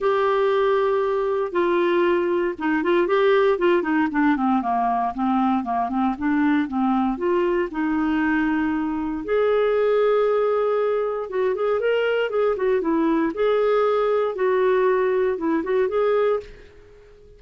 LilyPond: \new Staff \with { instrumentName = "clarinet" } { \time 4/4 \tempo 4 = 117 g'2. f'4~ | f'4 dis'8 f'8 g'4 f'8 dis'8 | d'8 c'8 ais4 c'4 ais8 c'8 | d'4 c'4 f'4 dis'4~ |
dis'2 gis'2~ | gis'2 fis'8 gis'8 ais'4 | gis'8 fis'8 e'4 gis'2 | fis'2 e'8 fis'8 gis'4 | }